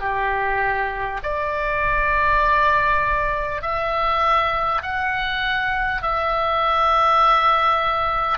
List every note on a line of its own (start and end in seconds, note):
0.00 1.20 G4
1.23 3.62 D5
3.62 4.82 E5
4.82 6.02 F#5
6.02 8.38 E5